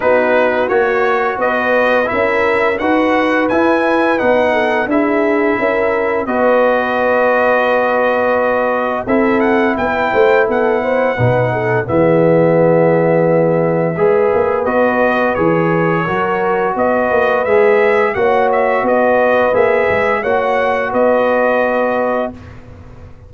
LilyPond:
<<
  \new Staff \with { instrumentName = "trumpet" } { \time 4/4 \tempo 4 = 86 b'4 cis''4 dis''4 e''4 | fis''4 gis''4 fis''4 e''4~ | e''4 dis''2.~ | dis''4 e''8 fis''8 g''4 fis''4~ |
fis''4 e''2.~ | e''4 dis''4 cis''2 | dis''4 e''4 fis''8 e''8 dis''4 | e''4 fis''4 dis''2 | }
  \new Staff \with { instrumentName = "horn" } { \time 4/4 fis'2 b'4 ais'4 | b'2~ b'8 a'8 gis'4 | ais'4 b'2.~ | b'4 a'4 b'8 c''8 a'8 c''8 |
b'8 a'8 gis'2. | b'2. ais'4 | b'2 cis''4 b'4~ | b'4 cis''4 b'2 | }
  \new Staff \with { instrumentName = "trombone" } { \time 4/4 dis'4 fis'2 e'4 | fis'4 e'4 dis'4 e'4~ | e'4 fis'2.~ | fis'4 e'2. |
dis'4 b2. | gis'4 fis'4 gis'4 fis'4~ | fis'4 gis'4 fis'2 | gis'4 fis'2. | }
  \new Staff \with { instrumentName = "tuba" } { \time 4/4 b4 ais4 b4 cis'4 | dis'4 e'4 b4 d'4 | cis'4 b2.~ | b4 c'4 b8 a8 b4 |
b,4 e2. | gis8 ais8 b4 e4 fis4 | b8 ais8 gis4 ais4 b4 | ais8 gis8 ais4 b2 | }
>>